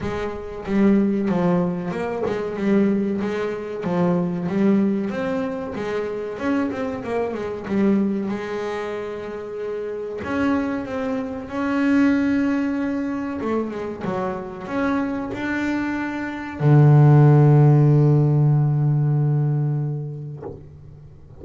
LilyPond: \new Staff \with { instrumentName = "double bass" } { \time 4/4 \tempo 4 = 94 gis4 g4 f4 ais8 gis8 | g4 gis4 f4 g4 | c'4 gis4 cis'8 c'8 ais8 gis8 | g4 gis2. |
cis'4 c'4 cis'2~ | cis'4 a8 gis8 fis4 cis'4 | d'2 d2~ | d1 | }